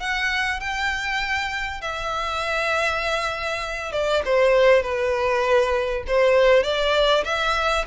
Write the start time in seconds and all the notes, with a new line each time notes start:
0.00 F#5
0.60 G5
1.81 E5
3.92 D5
4.25 C5
4.82 B4
6.07 C5
6.63 D5
7.24 E5